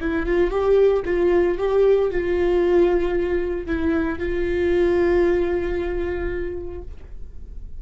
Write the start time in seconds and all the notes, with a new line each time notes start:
0.00 E4
0.26 F4
0.50 G4
1.05 F4
1.58 G4
2.10 F4
3.66 E4
4.18 F4